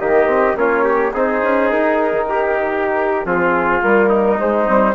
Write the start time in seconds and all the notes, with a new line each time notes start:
0.00 D#3 A#3 G4 D#5
0.27 C4
0.55 A#3 C#4 F4 C#5
0.84 G4
1.14 C4 D#4 G#4 C5
1.43 C#4
1.71 D#4 A#4
2.13 D#3
2.29 G4
3.25 F3 C4 F4 G#4
3.81 G3 A#3 A#4
4.10 D#4
4.38 G#3 C5
4.65 G3 C4